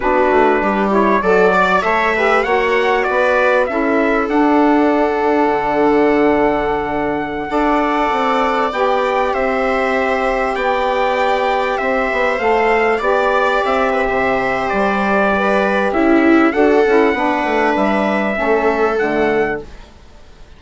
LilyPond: <<
  \new Staff \with { instrumentName = "trumpet" } { \time 4/4 \tempo 4 = 98 b'4. cis''8 d''4 e''4 | fis''4 d''4 e''4 fis''4~ | fis''1~ | fis''2~ fis''16 g''4 e''8.~ |
e''4~ e''16 g''2 e''8.~ | e''16 f''4 d''4 e''4.~ e''16 | d''2 e''4 fis''4~ | fis''4 e''2 fis''4 | }
  \new Staff \with { instrumentName = "viola" } { \time 4/4 fis'4 g'4 a'8 d''8 cis''8 b'8 | cis''4 b'4 a'2~ | a'1~ | a'16 d''2. c''8.~ |
c''4~ c''16 d''2 c''8.~ | c''4~ c''16 d''4. b'16 c''4~ | c''4 b'4 e'4 a'4 | b'2 a'2 | }
  \new Staff \with { instrumentName = "saxophone" } { \time 4/4 d'4. e'8 fis'4 a'8 g'8 | fis'2 e'4 d'4~ | d'1~ | d'16 a'2 g'4.~ g'16~ |
g'1~ | g'16 a'4 g'2~ g'8.~ | g'2. fis'8 e'8 | d'2 cis'4 a4 | }
  \new Staff \with { instrumentName = "bassoon" } { \time 4/4 b8 a8 g4 fis4 a4 | ais4 b4 cis'4 d'4~ | d'4 d2.~ | d16 d'4 c'4 b4 c'8.~ |
c'4~ c'16 b2 c'8 b16~ | b16 a4 b4 c'8. c4 | g2 cis'4 d'8 cis'8 | b8 a8 g4 a4 d4 | }
>>